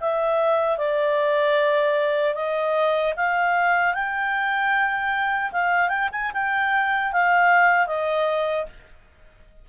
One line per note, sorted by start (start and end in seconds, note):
0.00 0.77 E5
0.77 2.34 D5
2.34 3.13 D#5
3.16 3.94 F5
3.94 5.52 G5
5.52 5.89 F5
5.89 6.08 G5
6.11 6.31 G#5
6.33 7.12 G5
7.12 7.86 F5
7.86 8.65 D#5